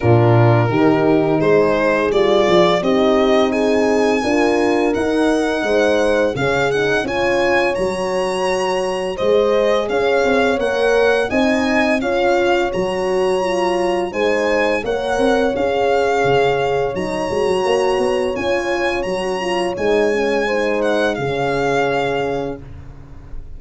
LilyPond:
<<
  \new Staff \with { instrumentName = "violin" } { \time 4/4 \tempo 4 = 85 ais'2 c''4 d''4 | dis''4 gis''2 fis''4~ | fis''4 f''8 fis''8 gis''4 ais''4~ | ais''4 dis''4 f''4 fis''4 |
gis''4 f''4 ais''2 | gis''4 fis''4 f''2 | ais''2 gis''4 ais''4 | gis''4. fis''8 f''2 | }
  \new Staff \with { instrumentName = "horn" } { \time 4/4 f'4 g'4 gis'2 | g'4 gis'4 ais'2 | c''4 gis'4 cis''2~ | cis''4 c''4 cis''2 |
dis''4 cis''2. | c''4 cis''2.~ | cis''1~ | cis''4 c''4 gis'2 | }
  \new Staff \with { instrumentName = "horn" } { \time 4/4 d'4 dis'2 f'4 | dis'2 f'4 dis'4~ | dis'4 cis'8 dis'8 f'4 fis'4~ | fis'4 gis'2 ais'4 |
dis'4 f'4 fis'4 f'4 | dis'4 ais'4 gis'2 | dis'8 fis'4. f'4 fis'8 f'8 | dis'8 cis'8 dis'4 cis'2 | }
  \new Staff \with { instrumentName = "tuba" } { \time 4/4 ais,4 dis4 gis4 g8 f8 | c'2 d'4 dis'4 | gis4 cis4 cis'4 fis4~ | fis4 gis4 cis'8 c'8 ais4 |
c'4 cis'4 fis2 | gis4 ais8 c'8 cis'4 cis4 | fis8 gis16 fis16 ais8 b8 cis'4 fis4 | gis2 cis2 | }
>>